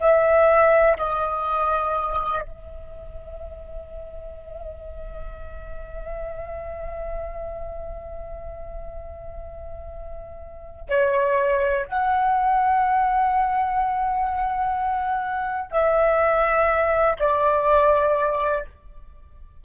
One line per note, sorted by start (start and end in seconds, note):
0.00 0.97 E5
0.97 2.41 D#5
2.41 10.88 E5
10.89 11.85 C#5
11.86 15.71 F#5
15.71 17.16 E5
17.19 18.65 D5